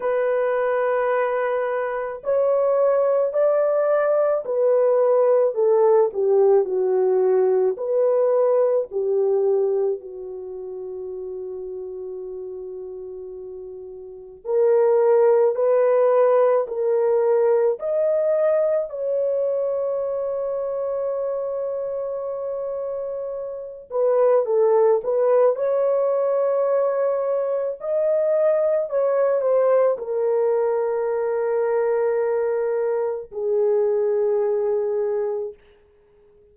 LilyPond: \new Staff \with { instrumentName = "horn" } { \time 4/4 \tempo 4 = 54 b'2 cis''4 d''4 | b'4 a'8 g'8 fis'4 b'4 | g'4 fis'2.~ | fis'4 ais'4 b'4 ais'4 |
dis''4 cis''2.~ | cis''4. b'8 a'8 b'8 cis''4~ | cis''4 dis''4 cis''8 c''8 ais'4~ | ais'2 gis'2 | }